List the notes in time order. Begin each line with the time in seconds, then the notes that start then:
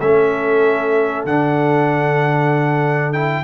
0.00 A3 C#4 A4 E5
1.24 D3 D4 F#5
3.12 E4 G5